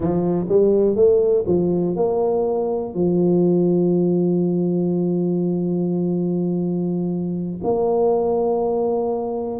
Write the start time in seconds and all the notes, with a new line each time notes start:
0.00 F3
0.48 G3
0.95 A3
1.47 F3
1.95 A#3
2.94 F3
7.63 A#3